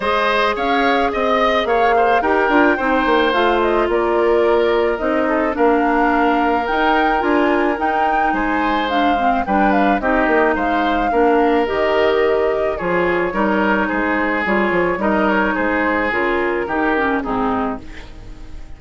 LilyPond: <<
  \new Staff \with { instrumentName = "flute" } { \time 4/4 \tempo 4 = 108 dis''4 f''4 dis''4 f''4 | g''2 f''8 dis''8 d''4~ | d''4 dis''4 f''2 | g''4 gis''4 g''4 gis''4 |
f''4 g''8 f''8 dis''4 f''4~ | f''4 dis''2 cis''4~ | cis''4 c''4 cis''4 dis''8 cis''8 | c''4 ais'2 gis'4 | }
  \new Staff \with { instrumentName = "oboe" } { \time 4/4 c''4 cis''4 dis''4 cis''8 c''8 | ais'4 c''2 ais'4~ | ais'4. a'8 ais'2~ | ais'2. c''4~ |
c''4 b'4 g'4 c''4 | ais'2. gis'4 | ais'4 gis'2 ais'4 | gis'2 g'4 dis'4 | }
  \new Staff \with { instrumentName = "clarinet" } { \time 4/4 gis'1 | g'8 f'8 dis'4 f'2~ | f'4 dis'4 d'2 | dis'4 f'4 dis'2 |
d'8 c'8 d'4 dis'2 | d'4 g'2 f'4 | dis'2 f'4 dis'4~ | dis'4 f'4 dis'8 cis'8 c'4 | }
  \new Staff \with { instrumentName = "bassoon" } { \time 4/4 gis4 cis'4 c'4 ais4 | dis'8 d'8 c'8 ais8 a4 ais4~ | ais4 c'4 ais2 | dis'4 d'4 dis'4 gis4~ |
gis4 g4 c'8 ais8 gis4 | ais4 dis2 f4 | g4 gis4 g8 f8 g4 | gis4 cis4 dis4 gis,4 | }
>>